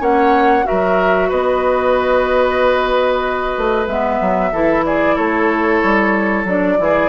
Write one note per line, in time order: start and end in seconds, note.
0.00 0.65 A#3
0.00 0.64 C#4
0.00 0.65 C#5
0.00 0.66 F#5
0.64 3.87 F#4
0.64 1.29 A#4
0.64 1.31 E5
0.71 1.32 F#3
1.29 3.57 B3
1.29 4.52 B4
1.29 3.88 D#5
3.57 3.87 A3
3.87 4.19 G#3
3.87 4.53 B3
3.87 4.85 E5
4.21 4.53 F#3
4.53 5.17 E3
4.53 6.47 E4
4.53 4.85 A4
4.85 5.16 G#4
4.85 5.17 D5
5.16 5.83 A3
5.16 6.77 A4
5.16 6.46 C#5
5.83 6.45 G3
6.45 6.77 F#3
6.45 6.78 D4
6.45 7.09 D5
6.78 7.09 E3
6.78 7.09 E4
6.78 7.09 G#4